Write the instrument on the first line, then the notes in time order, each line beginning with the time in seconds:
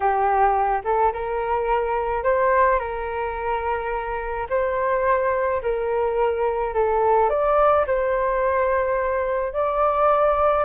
flute
0.00 G4
0.84 A4
1.12 A#4
2.23 C5
2.79 A#4
4.49 C5
5.62 A#4
6.74 A4
7.29 D5
7.86 C5
9.53 D5